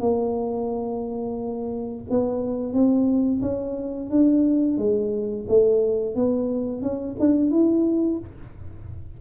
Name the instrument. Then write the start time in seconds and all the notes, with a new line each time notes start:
tuba
0.00 A#3
2.10 B3
2.73 C4
3.42 C#4
4.10 D4
4.78 G#3
5.48 A3
6.15 B3
6.82 C#4
7.20 D4
7.51 E4